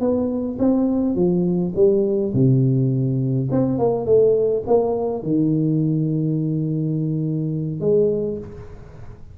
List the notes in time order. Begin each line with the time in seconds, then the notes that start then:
0.00 B3
0.59 C4
1.15 F3
1.75 G3
2.34 C3
3.51 C4
3.78 A#3
4.06 A3
4.67 A#3
5.23 D#3
7.80 G#3